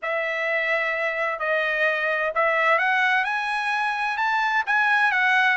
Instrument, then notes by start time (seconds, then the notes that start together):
trumpet
0.02 E5
1.39 D#5
2.35 E5
2.78 F#5
3.24 G#5
4.17 A5
4.66 G#5
5.11 F#5